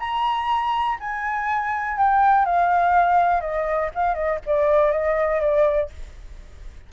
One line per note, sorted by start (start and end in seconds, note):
0.00 0.98 A#5
1.00 1.98 G#5
1.98 2.46 G5
2.46 3.41 F5
3.41 3.91 D#5
3.95 4.15 F5
4.15 4.39 D#5
4.46 4.92 D5
4.92 5.41 D#5
5.41 5.90 D5